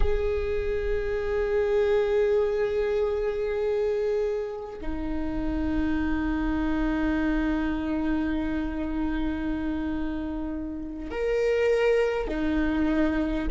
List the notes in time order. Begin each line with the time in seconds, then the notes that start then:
0.00 G#4
4.81 D#4
11.11 A#4
12.27 D#4